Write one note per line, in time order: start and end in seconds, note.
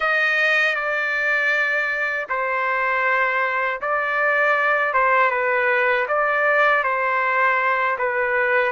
0.00 0.75 D#5
0.75 2.27 D5
2.29 3.80 C5
3.81 4.93 D5
4.93 5.30 C5
5.30 6.06 B4
6.08 6.84 D5
6.84 7.97 C5
7.98 8.72 B4